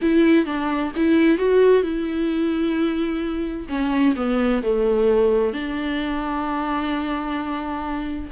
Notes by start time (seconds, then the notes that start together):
0.01 E4
0.45 D4
0.96 E4
1.38 F#4
1.82 E4
3.68 C#4
4.16 B3
4.62 A3
5.53 D4